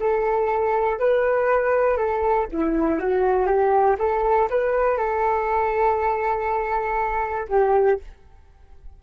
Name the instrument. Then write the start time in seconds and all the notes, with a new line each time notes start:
flute
0.00 A4
0.99 B4
1.97 A4
2.51 E4
2.99 F#4
3.46 G4
3.98 A4
4.50 B4
4.98 A4
7.49 G4